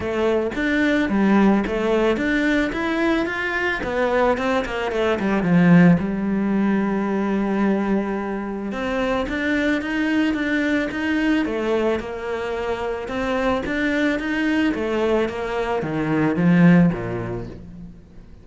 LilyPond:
\new Staff \with { instrumentName = "cello" } { \time 4/4 \tempo 4 = 110 a4 d'4 g4 a4 | d'4 e'4 f'4 b4 | c'8 ais8 a8 g8 f4 g4~ | g1 |
c'4 d'4 dis'4 d'4 | dis'4 a4 ais2 | c'4 d'4 dis'4 a4 | ais4 dis4 f4 ais,4 | }